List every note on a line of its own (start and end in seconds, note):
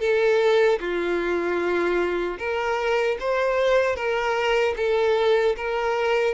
0.00 0.79 A4
0.80 2.38 F4
2.39 3.18 A#4
3.20 3.96 C5
3.96 4.75 A#4
4.77 5.56 A4
5.57 6.34 A#4